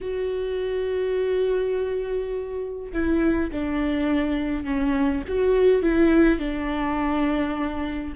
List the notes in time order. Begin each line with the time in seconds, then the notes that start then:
0.01 F#4
2.92 E4
3.51 D4
4.64 C#4
5.27 F#4
5.82 E4
6.38 D4